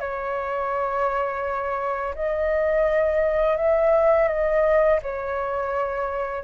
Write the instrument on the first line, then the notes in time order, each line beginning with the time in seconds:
flute
0.00 C#5
2.15 D#5
3.57 E5
4.28 D#5
5.03 C#5